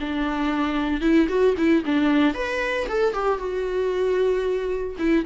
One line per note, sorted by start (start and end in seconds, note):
0.00 1.01 D4
1.01 1.27 E4
1.28 1.55 F#4
1.57 1.83 E4
1.85 2.34 D4
2.34 2.87 B4
2.88 3.13 A4
3.13 3.38 G4
3.38 4.96 F#4
4.99 5.25 E4